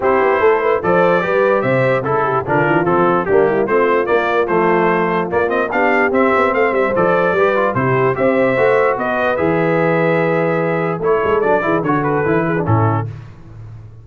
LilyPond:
<<
  \new Staff \with { instrumentName = "trumpet" } { \time 4/4 \tempo 4 = 147 c''2 d''2 | e''4 a'4 ais'4 a'4 | g'4 c''4 d''4 c''4~ | c''4 d''8 dis''8 f''4 e''4 |
f''8 e''8 d''2 c''4 | e''2 dis''4 e''4~ | e''2. cis''4 | d''4 cis''8 b'4. a'4 | }
  \new Staff \with { instrumentName = "horn" } { \time 4/4 g'4 a'8 b'8 c''4 b'4 | c''4 a'8 g'8 f'2 | d'8 e'8 f'2.~ | f'2 g'2 |
c''2 b'4 g'4 | c''2 b'2~ | b'2. a'4~ | a'8 gis'8 a'4. gis'8 e'4 | }
  \new Staff \with { instrumentName = "trombone" } { \time 4/4 e'2 a'4 g'4~ | g'4 e'4 d'4 c'4 | ais4 c'4 ais4 a4~ | a4 ais8 c'8 d'4 c'4~ |
c'4 a'4 g'8 f'8 e'4 | g'4 fis'2 gis'4~ | gis'2. e'4 | d'8 e'8 fis'4 e'8. d'16 cis'4 | }
  \new Staff \with { instrumentName = "tuba" } { \time 4/4 c'8 b8 a4 f4 g4 | c4 cis4 d8 e8 f4 | g4 a4 ais4 f4~ | f4 ais4 b4 c'8 b8 |
a8 g8 f4 g4 c4 | c'4 a4 b4 e4~ | e2. a8 gis8 | fis8 e8 d4 e4 a,4 | }
>>